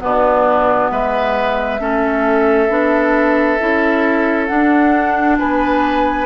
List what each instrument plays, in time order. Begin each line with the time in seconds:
0.00 bassoon B2, clarinet B3, oboe D4, flute B4
0.90 bassoon G#3, oboe B4, flute E5
1.79 bassoon A3, clarinet C#4, oboe A4
2.70 bassoon B3, clarinet D4
3.60 bassoon C#4, clarinet E4
4.47 clarinet D4, bassoon D4, flute F#5
5.38 bassoon B3, oboe B4, flute G#5